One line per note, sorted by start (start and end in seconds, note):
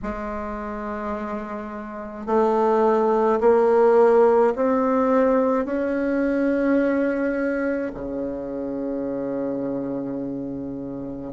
0.02 2.26 G#3
2.26 3.40 A3
3.40 4.53 A#3
4.55 5.65 C4
5.65 7.91 C#4
7.94 11.33 C#3